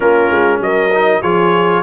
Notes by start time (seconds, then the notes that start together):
0.00 A#3 C#4 F4 A#4
0.30 G#3
0.60 F#3 A#4 D#5
0.94 D#4
1.22 F3 F4 G#4 C#5